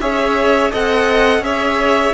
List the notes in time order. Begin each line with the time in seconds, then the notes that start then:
0.00 C#4 G#4 C#5 E5
0.71 C4 A4 D#5 F#5
1.39 C#4 G#4 C#5 E5